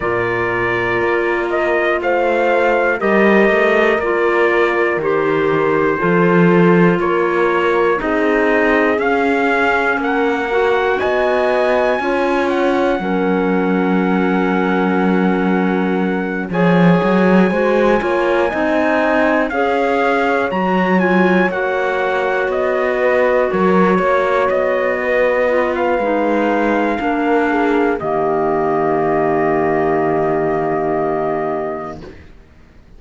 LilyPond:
<<
  \new Staff \with { instrumentName = "trumpet" } { \time 4/4 \tempo 4 = 60 d''4. dis''8 f''4 dis''4 | d''4 c''2 cis''4 | dis''4 f''4 fis''4 gis''4~ | gis''8 fis''2.~ fis''8~ |
fis''8 gis''2. f''8~ | f''8 ais''8 gis''8 fis''4 dis''4 cis''8~ | cis''8 dis''4~ dis''16 f''2~ f''16 | dis''1 | }
  \new Staff \with { instrumentName = "horn" } { \time 4/4 ais'2 c''4 ais'4~ | ais'2 a'4 ais'4 | gis'2 ais'4 dis''4 | cis''4 ais'2.~ |
ais'8 cis''4 c''8 cis''8 dis''4 cis''8~ | cis''2. b'8 ais'8 | cis''4 b'2 ais'8 gis'8 | g'1 | }
  \new Staff \with { instrumentName = "clarinet" } { \time 4/4 f'2. g'4 | f'4 g'4 f'2 | dis'4 cis'4. fis'4. | f'4 cis'2.~ |
cis'8 gis'4 fis'8 f'8 dis'4 gis'8~ | gis'8 fis'8 f'8 fis'2~ fis'8~ | fis'4. f'8 dis'4 d'4 | ais1 | }
  \new Staff \with { instrumentName = "cello" } { \time 4/4 ais,4 ais4 a4 g8 a8 | ais4 dis4 f4 ais4 | c'4 cis'4 ais4 b4 | cis'4 fis2.~ |
fis8 f8 fis8 gis8 ais8 c'4 cis'8~ | cis'8 fis4 ais4 b4 fis8 | ais8 b4. gis4 ais4 | dis1 | }
>>